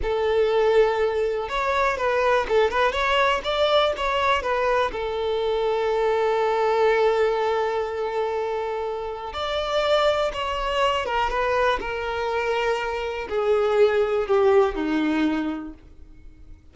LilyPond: \new Staff \with { instrumentName = "violin" } { \time 4/4 \tempo 4 = 122 a'2. cis''4 | b'4 a'8 b'8 cis''4 d''4 | cis''4 b'4 a'2~ | a'1~ |
a'2. d''4~ | d''4 cis''4. ais'8 b'4 | ais'2. gis'4~ | gis'4 g'4 dis'2 | }